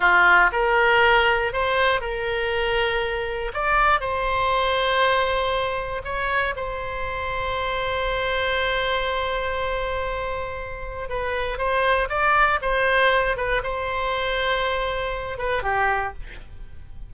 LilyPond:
\new Staff \with { instrumentName = "oboe" } { \time 4/4 \tempo 4 = 119 f'4 ais'2 c''4 | ais'2. d''4 | c''1 | cis''4 c''2.~ |
c''1~ | c''2 b'4 c''4 | d''4 c''4. b'8 c''4~ | c''2~ c''8 b'8 g'4 | }